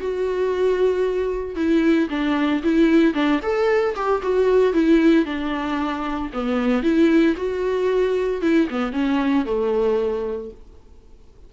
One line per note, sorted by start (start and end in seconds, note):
0.00 1.55 F#4
1.55 2.08 E4
2.10 2.62 D4
2.63 3.14 E4
3.14 3.40 D4
3.42 3.95 A4
3.95 4.21 G4
4.22 4.73 F#4
4.73 5.25 E4
5.25 6.30 D4
6.33 6.83 B3
6.83 7.35 E4
7.36 8.41 F#4
8.41 8.68 E4
8.70 8.92 B3
8.92 9.45 C#4
9.45 10.50 A3